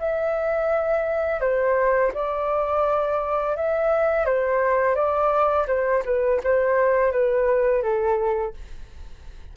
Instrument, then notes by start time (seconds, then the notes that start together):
flute
0.00 E5
1.41 C5
2.14 D5
3.56 E5
4.26 C5
4.96 D5
5.68 C5
6.05 B4
6.44 C5
7.12 B4
7.83 A4